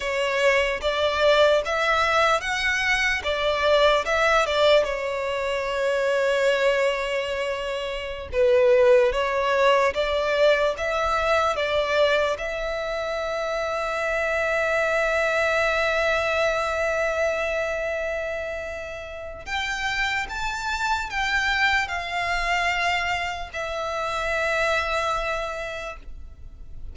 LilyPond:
\new Staff \with { instrumentName = "violin" } { \time 4/4 \tempo 4 = 74 cis''4 d''4 e''4 fis''4 | d''4 e''8 d''8 cis''2~ | cis''2~ cis''16 b'4 cis''8.~ | cis''16 d''4 e''4 d''4 e''8.~ |
e''1~ | e''1 | g''4 a''4 g''4 f''4~ | f''4 e''2. | }